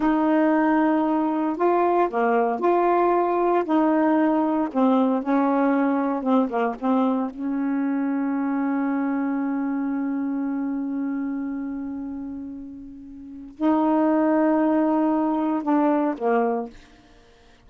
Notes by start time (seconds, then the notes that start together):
0.00 D#4
1.56 F4
2.10 A#3
2.59 F4
3.64 D#4
4.72 C4
5.22 C#4
6.23 C4
6.49 A#3
6.79 C4
7.30 C#4
13.56 D#4
15.63 D4
16.17 A#3